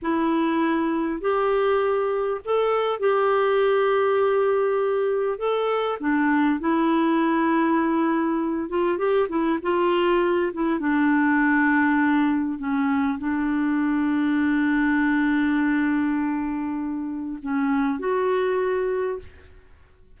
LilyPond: \new Staff \with { instrumentName = "clarinet" } { \time 4/4 \tempo 4 = 100 e'2 g'2 | a'4 g'2.~ | g'4 a'4 d'4 e'4~ | e'2~ e'8 f'8 g'8 e'8 |
f'4. e'8 d'2~ | d'4 cis'4 d'2~ | d'1~ | d'4 cis'4 fis'2 | }